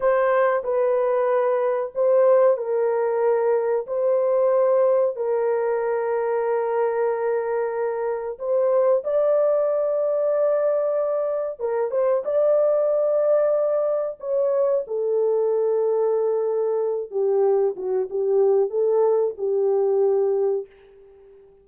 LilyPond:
\new Staff \with { instrumentName = "horn" } { \time 4/4 \tempo 4 = 93 c''4 b'2 c''4 | ais'2 c''2 | ais'1~ | ais'4 c''4 d''2~ |
d''2 ais'8 c''8 d''4~ | d''2 cis''4 a'4~ | a'2~ a'8 g'4 fis'8 | g'4 a'4 g'2 | }